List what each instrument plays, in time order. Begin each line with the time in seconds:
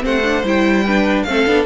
0.00 cello A3, viola C4, violin C5 F#5
0.23 viola D4
0.43 cello G3, viola E4, violin G5
0.85 viola D4, violin B4
1.22 cello A3, viola C4, violin F5
1.29 violin A4
1.46 cello B3, viola D4